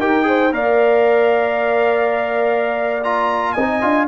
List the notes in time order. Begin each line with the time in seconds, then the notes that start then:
0.00 D#4 G4 A#4 G5
0.23 G#4 C5
0.53 A#3 A#4 D5 F5
3.04 F4 A#5
3.53 C4 D#5 G#5
3.60 D#4
3.82 D4 F4